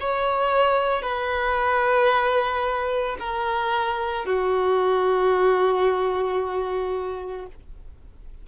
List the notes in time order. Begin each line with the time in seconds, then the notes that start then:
0.00 C#5
1.02 B4
3.19 A#4
4.25 F#4